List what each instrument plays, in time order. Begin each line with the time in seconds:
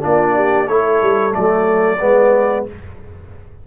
0.00 tuba A#3, trombone D4, horn F4, trumpet D5
0.35 horn G4
0.68 tuba A3, trombone E4, horn A4, trumpet C#5
1.02 tuba G3
1.31 tuba F#3, trombone A3, trumpet D5
2.00 tuba G#3, trombone B3, horn B4